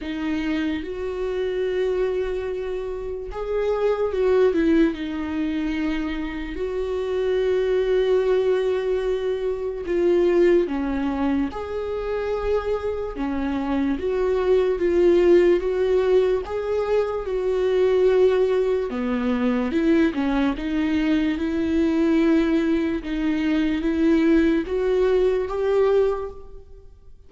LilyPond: \new Staff \with { instrumentName = "viola" } { \time 4/4 \tempo 4 = 73 dis'4 fis'2. | gis'4 fis'8 e'8 dis'2 | fis'1 | f'4 cis'4 gis'2 |
cis'4 fis'4 f'4 fis'4 | gis'4 fis'2 b4 | e'8 cis'8 dis'4 e'2 | dis'4 e'4 fis'4 g'4 | }